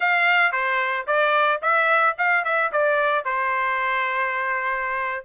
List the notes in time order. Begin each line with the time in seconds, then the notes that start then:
0.00 F5
0.52 C5
1.06 D5
1.62 E5
2.17 F5
2.44 E5
2.72 D5
3.24 C5